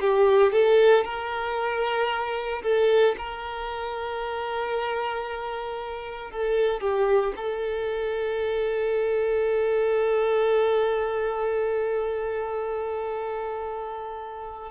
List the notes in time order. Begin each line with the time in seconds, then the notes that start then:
0.00 G4
0.52 A4
1.04 A#4
2.63 A4
3.18 A#4
6.31 A4
6.80 G4
7.36 A4